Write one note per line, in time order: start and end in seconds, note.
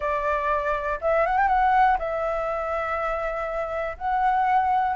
0.00 0.99 D5
1.01 1.26 E5
1.26 1.37 F#5
1.37 1.47 G5
1.47 1.97 F#5
1.98 3.97 E5
3.97 4.96 F#5